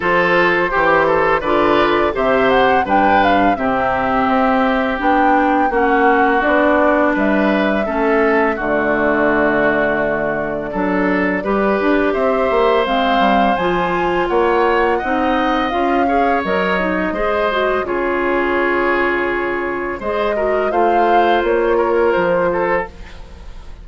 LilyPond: <<
  \new Staff \with { instrumentName = "flute" } { \time 4/4 \tempo 4 = 84 c''2 d''4 e''8 fis''8 | g''8 f''8 e''2 g''4 | fis''4 d''4 e''2 | d''1~ |
d''4 e''4 f''4 gis''4 | fis''2 f''4 dis''4~ | dis''4 cis''2. | dis''4 f''4 cis''4 c''4 | }
  \new Staff \with { instrumentName = "oboe" } { \time 4/4 a'4 g'8 a'8 b'4 c''4 | b'4 g'2. | fis'2 b'4 a'4 | fis'2. a'4 |
b'4 c''2. | cis''4 dis''4. cis''4. | c''4 gis'2. | c''8 ais'8 c''4. ais'4 a'8 | }
  \new Staff \with { instrumentName = "clarinet" } { \time 4/4 f'4 g'4 f'4 g'4 | d'4 c'2 d'4 | cis'4 d'2 cis'4 | a2. d'4 |
g'2 c'4 f'4~ | f'4 dis'4 f'8 gis'8 ais'8 dis'8 | gis'8 fis'8 f'2. | gis'8 fis'8 f'2. | }
  \new Staff \with { instrumentName = "bassoon" } { \time 4/4 f4 e4 d4 c4 | g,4 c4 c'4 b4 | ais4 b4 g4 a4 | d2. fis4 |
g8 d'8 c'8 ais8 gis8 g8 f4 | ais4 c'4 cis'4 fis4 | gis4 cis2. | gis4 a4 ais4 f4 | }
>>